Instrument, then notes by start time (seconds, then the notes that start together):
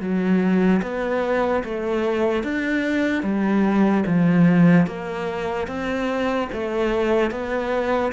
cello
0.00 F#3
0.82 B3
1.64 A3
2.43 D4
3.22 G3
4.06 F3
4.86 A#3
5.67 C4
6.52 A3
7.31 B3